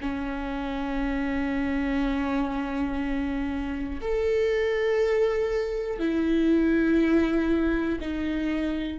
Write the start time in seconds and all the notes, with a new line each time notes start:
0.00 C#4
4.00 A4
5.99 E4
8.00 D#4